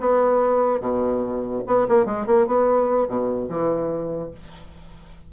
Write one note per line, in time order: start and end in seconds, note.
0.00 0.80 B3
0.80 1.63 B2
1.67 1.87 B3
1.88 2.06 A#3
2.06 2.26 G#3
2.26 2.47 A#3
2.47 3.08 B3
3.08 3.49 B2
3.49 4.31 E3